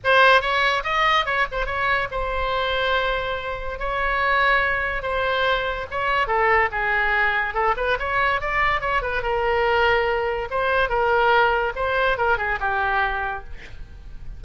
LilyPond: \new Staff \with { instrumentName = "oboe" } { \time 4/4 \tempo 4 = 143 c''4 cis''4 dis''4 cis''8 c''8 | cis''4 c''2.~ | c''4 cis''2. | c''2 cis''4 a'4 |
gis'2 a'8 b'8 cis''4 | d''4 cis''8 b'8 ais'2~ | ais'4 c''4 ais'2 | c''4 ais'8 gis'8 g'2 | }